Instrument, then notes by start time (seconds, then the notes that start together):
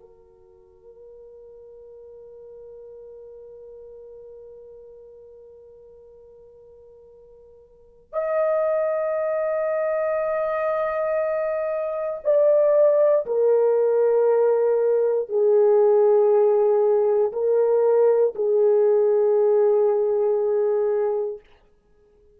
horn
0.00 A#4
8.13 D#5
12.24 D5
13.26 A#4
15.28 G#4
17.32 A#4
18.35 G#4